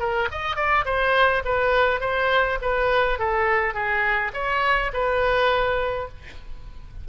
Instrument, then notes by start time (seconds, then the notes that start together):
oboe
0.00 A#4
0.32 D#5
0.56 D5
0.86 C5
1.46 B4
2.01 C5
2.62 B4
3.19 A4
3.74 G#4
4.34 C#5
4.94 B4